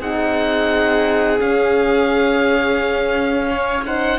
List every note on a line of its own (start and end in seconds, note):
0.00 1.40 C4
0.00 1.39 D#4
0.00 3.49 G#4
0.00 1.41 F#5
1.39 3.83 C#4
1.39 4.19 C#4
1.39 3.85 F5
3.51 3.86 C#5
3.86 4.19 D#4
3.86 4.19 C5
3.86 4.19 F#5